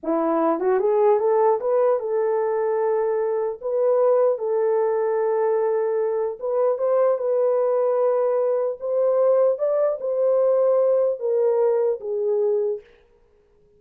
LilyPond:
\new Staff \with { instrumentName = "horn" } { \time 4/4 \tempo 4 = 150 e'4. fis'8 gis'4 a'4 | b'4 a'2.~ | a'4 b'2 a'4~ | a'1 |
b'4 c''4 b'2~ | b'2 c''2 | d''4 c''2. | ais'2 gis'2 | }